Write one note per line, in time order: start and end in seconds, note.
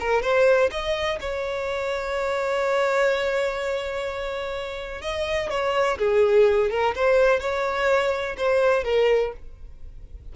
0.00 0.22 A#4
0.22 0.70 C5
0.71 1.19 D#5
1.20 5.02 C#5
5.02 5.50 D#5
5.50 5.98 C#5
5.98 6.70 G#4
6.70 6.94 A#4
6.95 7.40 C5
7.40 8.36 C#5
8.37 8.84 C5
8.84 9.32 A#4